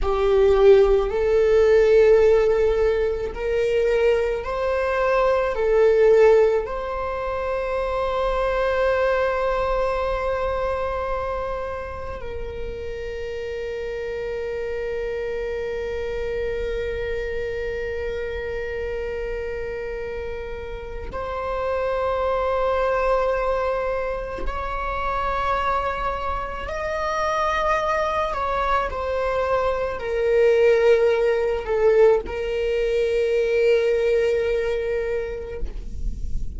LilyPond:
\new Staff \with { instrumentName = "viola" } { \time 4/4 \tempo 4 = 54 g'4 a'2 ais'4 | c''4 a'4 c''2~ | c''2. ais'4~ | ais'1~ |
ais'2. c''4~ | c''2 cis''2 | dis''4. cis''8 c''4 ais'4~ | ais'8 a'8 ais'2. | }